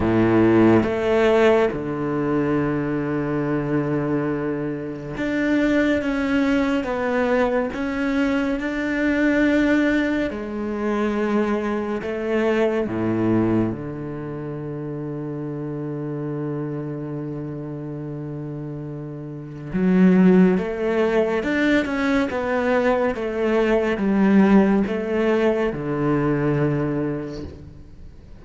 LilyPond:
\new Staff \with { instrumentName = "cello" } { \time 4/4 \tempo 4 = 70 a,4 a4 d2~ | d2 d'4 cis'4 | b4 cis'4 d'2 | gis2 a4 a,4 |
d1~ | d2. fis4 | a4 d'8 cis'8 b4 a4 | g4 a4 d2 | }